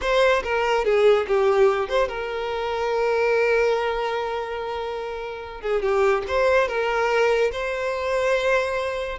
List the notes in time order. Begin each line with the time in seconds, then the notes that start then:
0.01 C5
0.43 A#4
0.84 G#4
1.27 G4
1.88 C5
2.08 A#4
5.61 G#4
5.82 G4
6.27 C5
6.68 A#4
7.52 C5